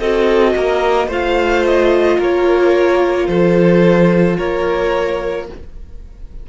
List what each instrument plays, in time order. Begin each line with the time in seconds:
0.00 cello C4, viola F#4, violin A4 D#5
0.56 cello A#3, violin A#4
1.08 cello A3, viola F4, violin C5 F5
1.66 violin D#5
2.19 cello A#3, violin A#4 C#5
3.27 cello F3, violin A4 C5
4.38 cello A#3, violin A#4 C#5